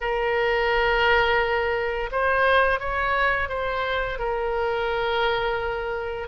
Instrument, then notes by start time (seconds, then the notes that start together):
oboe
0.00 A#4
2.11 C5
2.79 C#5
3.49 C5
4.18 A#4